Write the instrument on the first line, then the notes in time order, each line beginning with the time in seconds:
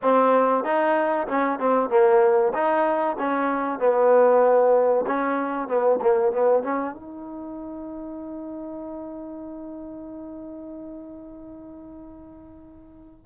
trombone
0.02 C4
0.63 D#4
1.27 C#4
1.59 C4
1.89 A#3
2.53 D#4
3.18 C#4
3.79 B3
5.06 C#4
5.68 B3
6.01 A#3
6.32 B3
6.63 C#4
6.94 D#4